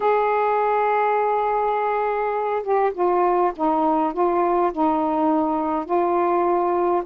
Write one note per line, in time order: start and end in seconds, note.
0.00 2.62 G#4
2.62 2.92 G4
2.93 3.52 F4
3.56 4.13 D#4
4.13 4.71 F4
4.72 5.85 D#4
5.85 7.03 F4